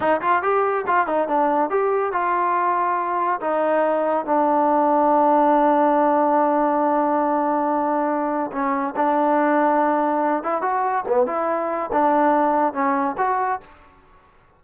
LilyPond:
\new Staff \with { instrumentName = "trombone" } { \time 4/4 \tempo 4 = 141 dis'8 f'8 g'4 f'8 dis'8 d'4 | g'4 f'2. | dis'2 d'2~ | d'1~ |
d'1 | cis'4 d'2.~ | d'8 e'8 fis'4 b8 e'4. | d'2 cis'4 fis'4 | }